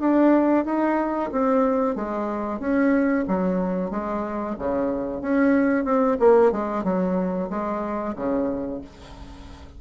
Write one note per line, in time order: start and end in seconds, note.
0.00 0.65 D4
0.66 1.31 D#4
1.32 1.96 C4
1.96 2.60 G#3
2.60 3.25 C#4
3.28 3.91 F#3
3.91 4.56 G#3
4.59 5.22 C#3
5.22 5.85 C#4
5.85 6.18 C4
6.20 6.52 A#3
6.52 6.84 G#3
6.84 7.49 F#3
7.50 8.16 G#3
8.16 8.81 C#3